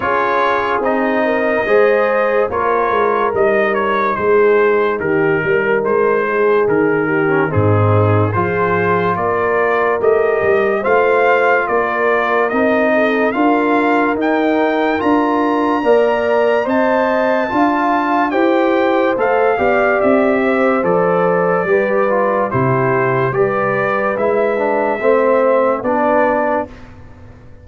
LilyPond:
<<
  \new Staff \with { instrumentName = "trumpet" } { \time 4/4 \tempo 4 = 72 cis''4 dis''2 cis''4 | dis''8 cis''8 c''4 ais'4 c''4 | ais'4 gis'4 c''4 d''4 | dis''4 f''4 d''4 dis''4 |
f''4 g''4 ais''2 | a''2 g''4 f''4 | e''4 d''2 c''4 | d''4 e''2 d''4 | }
  \new Staff \with { instrumentName = "horn" } { \time 4/4 gis'4. ais'8 c''4 ais'4~ | ais'4 gis'4 g'8 ais'4 gis'8~ | gis'8 g'8 dis'4 gis'4 ais'4~ | ais'4 c''4 ais'4. a'8 |
ais'2. d''4 | dis''4 f''4 c''4. d''8~ | d''8 c''4. b'4 g'4 | b'2 c''4 b'4 | }
  \new Staff \with { instrumentName = "trombone" } { \time 4/4 f'4 dis'4 gis'4 f'4 | dis'1~ | dis'8. cis'16 c'4 f'2 | g'4 f'2 dis'4 |
f'4 dis'4 f'4 ais'4 | c''4 f'4 g'4 a'8 g'8~ | g'4 a'4 g'8 f'8 e'4 | g'4 e'8 d'8 c'4 d'4 | }
  \new Staff \with { instrumentName = "tuba" } { \time 4/4 cis'4 c'4 gis4 ais8 gis8 | g4 gis4 dis8 g8 gis4 | dis4 gis,4 f4 ais4 | a8 g8 a4 ais4 c'4 |
d'4 dis'4 d'4 ais4 | c'4 d'4 e'4 a8 b8 | c'4 f4 g4 c4 | g4 gis4 a4 b4 | }
>>